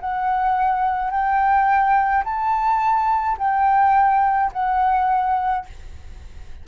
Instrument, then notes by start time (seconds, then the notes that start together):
flute
0.00 F#5
1.11 G5
2.24 A5
3.38 G5
4.53 F#5